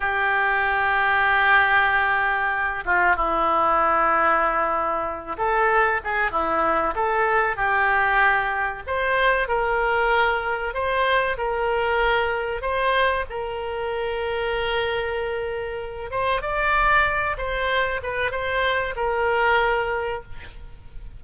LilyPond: \new Staff \with { instrumentName = "oboe" } { \time 4/4 \tempo 4 = 95 g'1~ | g'8 f'8 e'2.~ | e'8 a'4 gis'8 e'4 a'4 | g'2 c''4 ais'4~ |
ais'4 c''4 ais'2 | c''4 ais'2.~ | ais'4. c''8 d''4. c''8~ | c''8 b'8 c''4 ais'2 | }